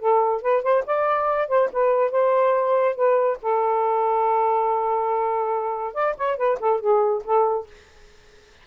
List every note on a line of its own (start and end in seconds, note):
0.00 0.42 A4
0.42 0.63 B4
0.63 0.84 C5
0.86 1.49 D5
1.49 1.70 C5
1.73 2.11 B4
2.11 2.96 C5
2.96 3.38 B4
3.43 5.94 A4
5.94 6.15 D5
6.18 6.37 C#5
6.37 6.59 B4
6.60 6.81 A4
6.81 7.23 G#4
7.25 7.67 A4